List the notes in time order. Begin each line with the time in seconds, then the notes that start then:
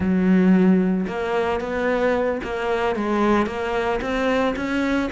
0.00 F#3
1.07 A#3
1.60 B3
2.43 A#3
2.95 G#3
3.46 A#3
4.01 C4
4.55 C#4